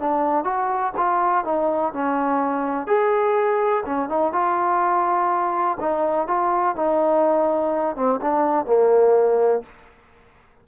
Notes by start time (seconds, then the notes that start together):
0.00 D4
0.45 F#4
0.97 F4
1.45 D#4
1.94 C#4
2.87 G#4
3.86 C#4
4.10 D#4
4.33 F4
5.80 D#4
6.28 F4
6.76 D#4
7.96 C4
8.22 D4
8.66 A#3